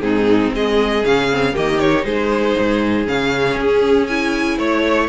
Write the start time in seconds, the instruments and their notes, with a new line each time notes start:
0.00 cello G#2, viola C4, violin D#4 G#4
0.53 cello G#3, violin G#4 D#5
1.05 cello C#3, viola C#4, violin F5
1.31 viola C4
1.53 cello D#3, viola A#3, violin G4 D#5
1.79 viola D#4, violin C#5
2.04 cello G#3, violin G#4 C5
2.59 cello G#2
3.06 cello C#3, viola C#4, violin F5
3.56 cello C#4, violin G#4
4.07 viola E4, violin G#5
4.58 cello A3, violin C#5